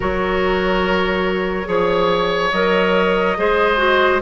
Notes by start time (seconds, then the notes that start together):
0.00 F#3 F#4 A#4 C#5
1.65 F3 G#4 C#5
2.51 F#3 A#4 D#5
3.37 G#3 G#4 C5
3.77 F#4